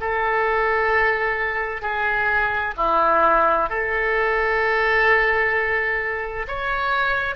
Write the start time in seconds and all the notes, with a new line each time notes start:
0.00 A4
1.81 G#4
2.77 E4
3.69 A4
6.47 C#5